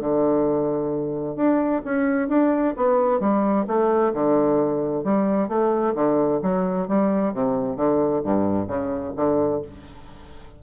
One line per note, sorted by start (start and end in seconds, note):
0.00 1.36 D3
1.36 1.82 D4
1.85 2.29 C#4
2.29 2.74 D4
2.76 3.20 B3
3.20 3.66 G3
3.67 4.13 A3
4.13 5.04 D3
5.04 5.48 G3
5.48 5.94 A3
5.95 6.41 D3
6.42 6.88 F#3
6.88 7.33 G3
7.33 7.76 C3
7.76 8.22 D3
8.24 8.68 G2
8.68 9.13 C#3
9.16 9.62 D3